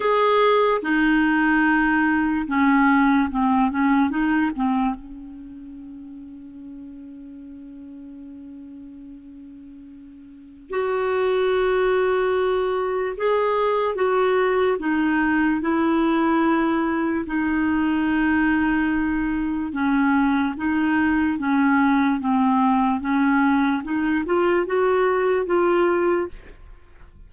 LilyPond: \new Staff \with { instrumentName = "clarinet" } { \time 4/4 \tempo 4 = 73 gis'4 dis'2 cis'4 | c'8 cis'8 dis'8 c'8 cis'2~ | cis'1~ | cis'4 fis'2. |
gis'4 fis'4 dis'4 e'4~ | e'4 dis'2. | cis'4 dis'4 cis'4 c'4 | cis'4 dis'8 f'8 fis'4 f'4 | }